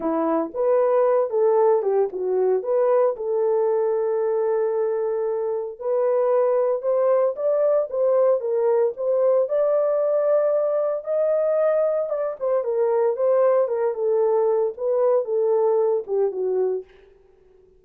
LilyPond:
\new Staff \with { instrumentName = "horn" } { \time 4/4 \tempo 4 = 114 e'4 b'4. a'4 g'8 | fis'4 b'4 a'2~ | a'2. b'4~ | b'4 c''4 d''4 c''4 |
ais'4 c''4 d''2~ | d''4 dis''2 d''8 c''8 | ais'4 c''4 ais'8 a'4. | b'4 a'4. g'8 fis'4 | }